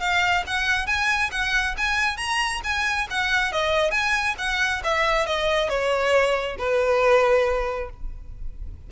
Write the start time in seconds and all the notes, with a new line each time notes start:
0.00 F5
0.47 F#5
0.86 G#5
1.31 F#5
1.77 G#5
2.17 A#5
2.64 G#5
3.10 F#5
3.52 D#5
3.91 G#5
4.38 F#5
4.84 E5
5.26 D#5
5.69 C#5
6.58 B4